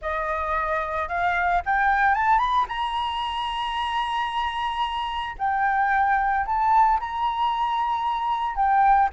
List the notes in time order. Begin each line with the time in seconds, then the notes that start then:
0.01 D#5
1.08 F5
1.65 G5
2.14 A5
2.38 B5
2.68 A#5
5.38 G5
6.46 A5
7.00 A#5
8.55 G5